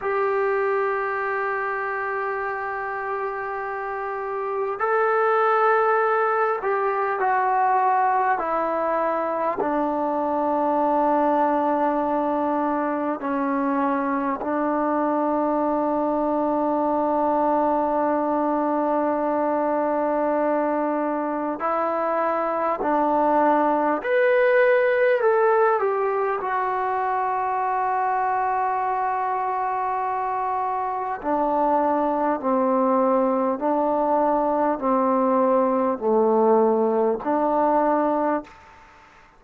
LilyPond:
\new Staff \with { instrumentName = "trombone" } { \time 4/4 \tempo 4 = 50 g'1 | a'4. g'8 fis'4 e'4 | d'2. cis'4 | d'1~ |
d'2 e'4 d'4 | b'4 a'8 g'8 fis'2~ | fis'2 d'4 c'4 | d'4 c'4 a4 d'4 | }